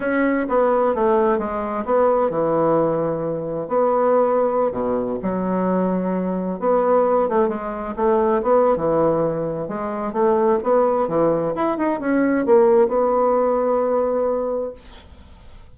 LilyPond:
\new Staff \with { instrumentName = "bassoon" } { \time 4/4 \tempo 4 = 130 cis'4 b4 a4 gis4 | b4 e2. | b2~ b16 b,4 fis8.~ | fis2~ fis16 b4. a16~ |
a16 gis4 a4 b8. e4~ | e4 gis4 a4 b4 | e4 e'8 dis'8 cis'4 ais4 | b1 | }